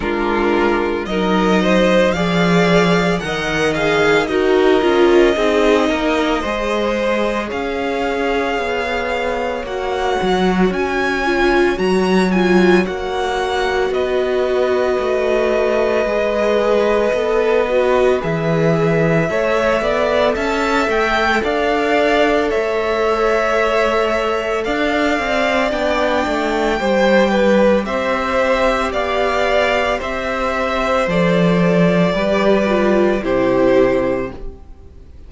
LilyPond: <<
  \new Staff \with { instrumentName = "violin" } { \time 4/4 \tempo 4 = 56 ais'4 dis''4 f''4 fis''8 f''8 | dis''2. f''4~ | f''4 fis''4 gis''4 ais''8 gis''8 | fis''4 dis''2.~ |
dis''4 e''2 a''8 g''8 | f''4 e''2 f''4 | g''2 e''4 f''4 | e''4 d''2 c''4 | }
  \new Staff \with { instrumentName = "violin" } { \time 4/4 f'4 ais'8 c''8 d''4 dis''4 | ais'4 gis'8 ais'8 c''4 cis''4~ | cis''1~ | cis''4 b'2.~ |
b'2 cis''8 d''8 e''4 | d''4 cis''2 d''4~ | d''4 c''8 b'8 c''4 d''4 | c''2 b'4 g'4 | }
  \new Staff \with { instrumentName = "viola" } { \time 4/4 d'4 dis'4 gis'4 ais'8 gis'8 | fis'8 f'8 dis'4 gis'2~ | gis'4 fis'4. f'8 fis'8 f'8 | fis'2. gis'4 |
a'8 fis'8 gis'4 a'2~ | a'1 | d'4 g'2.~ | g'4 a'4 g'8 f'8 e'4 | }
  \new Staff \with { instrumentName = "cello" } { \time 4/4 gis4 fis4 f4 dis4 | dis'8 cis'8 c'8 ais8 gis4 cis'4 | b4 ais8 fis8 cis'4 fis4 | ais4 b4 a4 gis4 |
b4 e4 a8 b8 cis'8 a8 | d'4 a2 d'8 c'8 | b8 a8 g4 c'4 b4 | c'4 f4 g4 c4 | }
>>